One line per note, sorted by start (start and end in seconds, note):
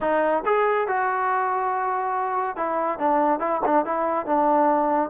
0.01 0.43 D#4
0.45 0.87 G#4
0.87 2.56 F#4
2.56 2.99 E4
2.99 3.39 D4
3.39 3.61 E4
3.65 3.85 D4
3.85 4.26 E4
4.26 5.10 D4